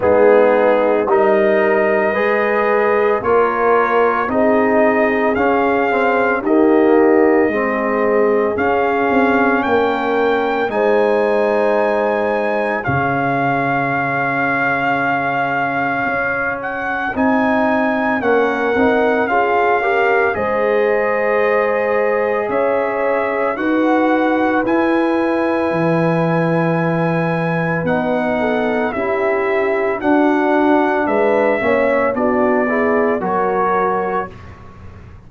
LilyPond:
<<
  \new Staff \with { instrumentName = "trumpet" } { \time 4/4 \tempo 4 = 56 gis'4 dis''2 cis''4 | dis''4 f''4 dis''2 | f''4 g''4 gis''2 | f''2.~ f''8 fis''8 |
gis''4 fis''4 f''4 dis''4~ | dis''4 e''4 fis''4 gis''4~ | gis''2 fis''4 e''4 | fis''4 e''4 d''4 cis''4 | }
  \new Staff \with { instrumentName = "horn" } { \time 4/4 dis'4 ais'4 b'4 ais'4 | gis'2 g'4 gis'4~ | gis'4 ais'4 c''2 | gis'1~ |
gis'4 ais'4 gis'8 ais'8 c''4~ | c''4 cis''4 b'2~ | b'2~ b'8 a'8 g'4 | fis'4 b'8 cis''8 fis'8 gis'8 ais'4 | }
  \new Staff \with { instrumentName = "trombone" } { \time 4/4 b4 dis'4 gis'4 f'4 | dis'4 cis'8 c'8 ais4 c'4 | cis'2 dis'2 | cis'1 |
dis'4 cis'8 dis'8 f'8 g'8 gis'4~ | gis'2 fis'4 e'4~ | e'2 dis'4 e'4 | d'4. cis'8 d'8 e'8 fis'4 | }
  \new Staff \with { instrumentName = "tuba" } { \time 4/4 gis4 g4 gis4 ais4 | c'4 cis'4 dis'4 gis4 | cis'8 c'8 ais4 gis2 | cis2. cis'4 |
c'4 ais8 c'8 cis'4 gis4~ | gis4 cis'4 dis'4 e'4 | e2 b4 cis'4 | d'4 gis8 ais8 b4 fis4 | }
>>